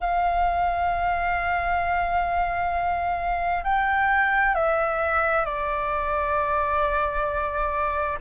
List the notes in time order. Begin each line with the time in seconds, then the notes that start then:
0.00 F5
3.64 G5
4.55 E5
5.45 D5